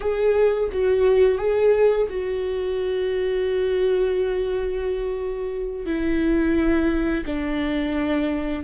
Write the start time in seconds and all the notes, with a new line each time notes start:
0.00 G#4
0.71 F#4
1.38 G#4
2.09 F#4
5.86 E4
7.26 D4